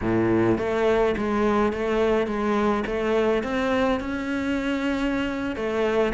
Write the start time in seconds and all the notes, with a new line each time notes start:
0.01 A2
0.58 A3
1.17 G#3
1.72 A3
2.26 G#3
2.86 A3
3.43 C4
3.99 C#4
5.56 A3